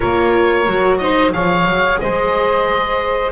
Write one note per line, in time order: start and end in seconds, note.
0.00 0.67 A#3
0.00 0.65 F4
0.00 0.99 A#4
0.00 0.97 C#5
0.67 1.33 F#3
0.67 1.01 F#4
0.97 1.32 D#4
0.97 1.33 C5
0.97 1.31 D#5
1.32 1.64 F3
1.32 3.32 G#4
1.32 2.00 C#5
1.32 1.99 F5
1.64 1.98 F#3
2.00 3.32 G#3
2.00 3.32 C5
2.00 3.32 D#5